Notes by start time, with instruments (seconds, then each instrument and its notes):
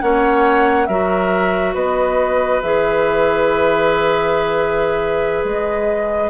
0.00 bassoon A#3, clarinet C#4, oboe C#5, flute F#5
0.86 bassoon F#3, clarinet F#4, oboe A#4, flute E5
1.74 bassoon B3, oboe B4, flute D#5
2.62 bassoon E3, clarinet G#4, flute E5
5.43 bassoon G#3, flute D#5